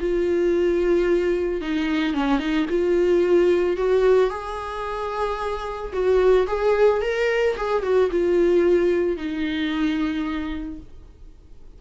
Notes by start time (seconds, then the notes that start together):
0.00 F4
1.61 D#4
2.14 C#4
2.39 D#4
2.69 F4
3.77 F#4
4.30 G#4
5.93 F#4
6.47 G#4
7.02 A#4
7.57 G#4
7.83 F#4
8.11 F4
9.17 D#4